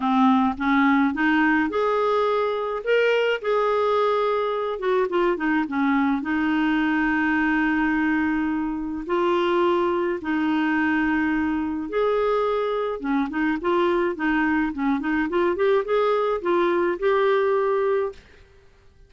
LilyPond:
\new Staff \with { instrumentName = "clarinet" } { \time 4/4 \tempo 4 = 106 c'4 cis'4 dis'4 gis'4~ | gis'4 ais'4 gis'2~ | gis'8 fis'8 f'8 dis'8 cis'4 dis'4~ | dis'1 |
f'2 dis'2~ | dis'4 gis'2 cis'8 dis'8 | f'4 dis'4 cis'8 dis'8 f'8 g'8 | gis'4 f'4 g'2 | }